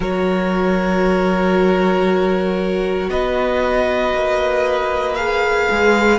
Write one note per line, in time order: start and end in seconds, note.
0.00 3.09 F#3
0.00 5.16 F#4
0.00 3.09 A#4
0.00 3.09 C#5
3.09 4.12 B3
3.09 6.18 B4
3.09 5.15 D#5
4.13 5.68 A#3
5.15 6.18 G#4
5.15 6.18 F5
5.70 6.18 G#3